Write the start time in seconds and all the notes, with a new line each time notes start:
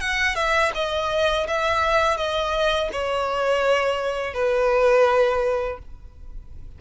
0.00 F#5
0.35 E5
0.75 D#5
1.47 E5
2.17 D#5
2.92 C#5
4.34 B4